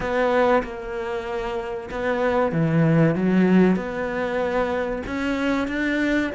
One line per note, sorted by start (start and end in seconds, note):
0.00 0.62 B3
0.63 1.89 A#3
1.90 2.52 B3
2.52 3.15 E3
3.15 3.76 F#3
3.76 5.02 B3
5.06 5.67 C#4
5.67 6.30 D4